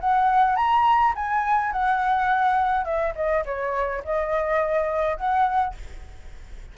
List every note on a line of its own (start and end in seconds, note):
0.00 0.56 F#5
0.56 1.13 A#5
1.15 1.72 G#5
1.72 2.84 F#5
2.84 3.13 E5
3.15 3.44 D#5
3.45 4.03 C#5
4.04 5.16 D#5
5.16 5.74 F#5